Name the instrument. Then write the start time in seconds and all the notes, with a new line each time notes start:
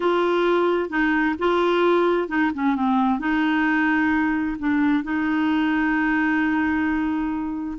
clarinet
0.00 F4
0.89 D#4
1.38 F4
2.28 D#4
2.54 C#4
2.75 C4
3.19 D#4
4.59 D4
5.03 D#4